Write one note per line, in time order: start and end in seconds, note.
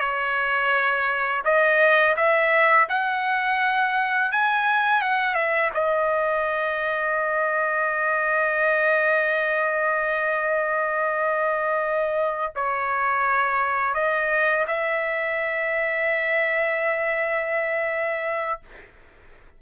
0.00 1.43 C#5
1.45 2.16 D#5
2.17 2.88 E5
2.89 4.32 F#5
4.32 5.02 G#5
5.02 5.35 F#5
5.35 5.70 E5
5.75 12.53 D#5
12.56 13.94 C#5
13.94 14.66 D#5
14.68 18.60 E5